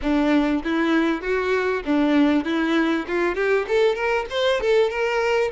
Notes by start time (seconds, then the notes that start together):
0.02 D4
0.63 E4
1.21 F#4
1.85 D4
2.44 E4
3.07 F4
3.35 G4
3.68 A4
3.95 A#4
4.30 C5
4.60 A4
4.90 A#4